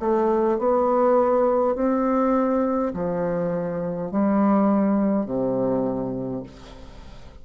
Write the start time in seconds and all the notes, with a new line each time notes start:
0.00 A3
0.59 B3
1.75 C4
2.94 F3
4.11 G3
5.26 C3